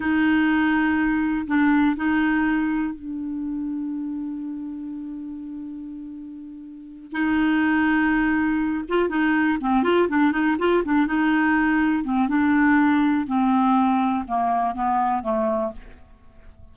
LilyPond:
\new Staff \with { instrumentName = "clarinet" } { \time 4/4 \tempo 4 = 122 dis'2. d'4 | dis'2 d'2~ | d'1~ | d'2~ d'8 dis'4.~ |
dis'2 f'8 dis'4 c'8 | f'8 d'8 dis'8 f'8 d'8 dis'4.~ | dis'8 c'8 d'2 c'4~ | c'4 ais4 b4 a4 | }